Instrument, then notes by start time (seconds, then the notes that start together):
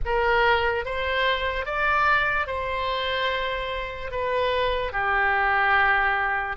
oboe
0.05 A#4
0.85 C5
1.65 D5
2.47 C5
4.11 B4
4.92 G4